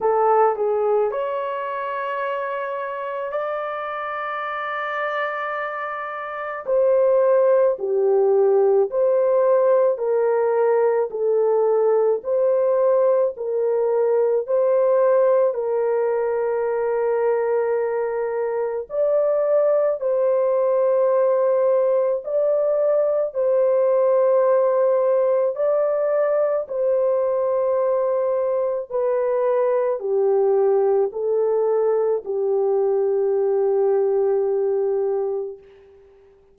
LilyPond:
\new Staff \with { instrumentName = "horn" } { \time 4/4 \tempo 4 = 54 a'8 gis'8 cis''2 d''4~ | d''2 c''4 g'4 | c''4 ais'4 a'4 c''4 | ais'4 c''4 ais'2~ |
ais'4 d''4 c''2 | d''4 c''2 d''4 | c''2 b'4 g'4 | a'4 g'2. | }